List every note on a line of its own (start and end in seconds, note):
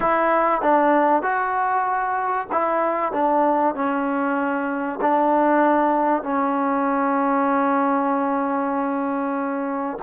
0.00 0.61 E4
0.61 1.22 D4
1.22 2.47 F#4
2.51 3.12 E4
3.12 3.74 D4
3.74 4.99 C#4
5.01 6.22 D4
6.22 9.97 C#4